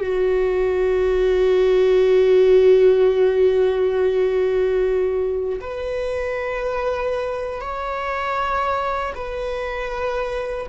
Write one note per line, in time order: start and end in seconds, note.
0.00 5.59 F#4
5.61 7.60 B4
7.60 9.13 C#5
9.15 10.67 B4